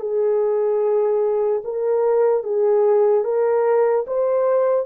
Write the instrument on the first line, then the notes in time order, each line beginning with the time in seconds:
horn
0.00 G#4
1.64 A#4
2.44 G#4
3.24 A#4
4.07 C5